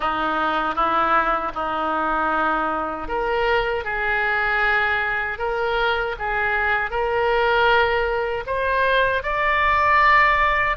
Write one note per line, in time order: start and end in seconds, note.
0.00 0.75 D#4
0.75 1.52 E4
1.54 3.08 D#4
3.08 3.84 A#4
3.84 5.38 G#4
5.38 6.15 A#4
6.19 6.90 G#4
6.90 8.44 A#4
8.46 9.22 C5
9.22 10.76 D5